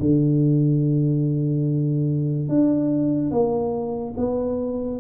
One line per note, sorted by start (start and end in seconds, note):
0.00 2.49 D3
2.49 3.31 D4
3.31 4.15 A#3
4.17 5.00 B3